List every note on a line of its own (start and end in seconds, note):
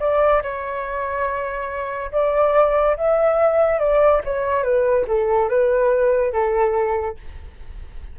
0.00 0.42 D5
0.42 2.11 C#5
2.12 2.96 D5
2.97 3.79 E5
3.79 4.21 D5
4.24 4.63 C#5
4.63 5.06 B4
5.07 5.49 A4
5.49 6.32 B4
6.32 7.17 A4